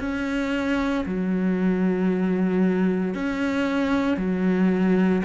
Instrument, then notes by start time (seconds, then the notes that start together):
cello
0.00 C#4
1.06 F#3
3.15 C#4
4.18 F#3